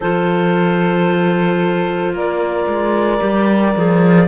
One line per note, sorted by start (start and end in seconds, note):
0.00 2.12 F3
0.00 3.19 F4
0.00 2.14 A4
0.00 2.15 C5
2.12 2.65 A#3
2.12 4.27 A#4
2.12 4.27 D5
2.66 3.20 G#3
3.19 3.75 G3
3.19 3.73 G4
3.76 4.27 F3
3.76 4.27 G#4